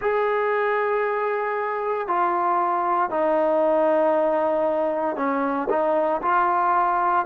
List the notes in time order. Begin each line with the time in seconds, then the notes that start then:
0.01 G#4
2.07 F4
3.09 D#4
5.16 C#4
5.69 D#4
6.22 F4